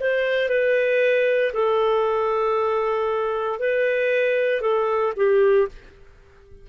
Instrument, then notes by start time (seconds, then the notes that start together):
clarinet
0.00 C5
0.48 B4
1.53 A4
3.59 B4
4.61 A4
5.16 G4